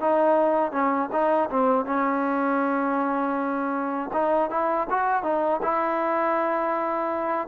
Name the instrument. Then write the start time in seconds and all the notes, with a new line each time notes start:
trombone
0.00 D#4
0.72 C#4
1.12 D#4
1.50 C4
1.85 C#4
4.13 D#4
4.50 E4
4.90 F#4
5.23 D#4
5.62 E4